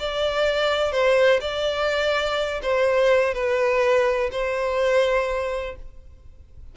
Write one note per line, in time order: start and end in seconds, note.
0.00 0.93 D5
0.93 1.41 C5
1.41 2.61 D5
2.62 3.34 C5
3.34 4.30 B4
4.32 5.76 C5